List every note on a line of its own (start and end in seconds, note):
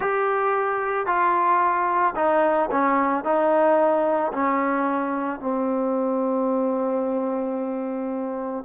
0.00 1.06 G4
1.06 2.14 F4
2.15 2.69 D#4
2.71 3.24 C#4
3.24 4.32 D#4
4.32 5.40 C#4
5.40 8.64 C4